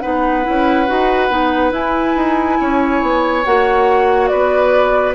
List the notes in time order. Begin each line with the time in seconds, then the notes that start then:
0.00 B3 D#4 B4 F#5
0.44 C#4 E4
0.87 D#4 F#4
1.30 B3 D#4
1.71 E4 G#5
2.16 D#4
2.60 C#4 C#5
3.02 B3
3.45 A#3 F#4 F#5
4.28 B3 B4 D5